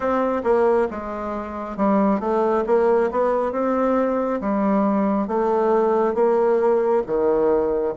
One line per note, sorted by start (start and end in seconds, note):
0.00 0.42 C4
0.43 0.87 A#3
0.90 1.76 G#3
1.76 2.20 G3
2.20 2.64 A3
2.66 3.10 A#3
3.11 3.52 B3
3.52 4.40 C4
4.40 5.27 G3
5.27 6.14 A3
6.14 7.02 A#3
7.06 7.94 D#3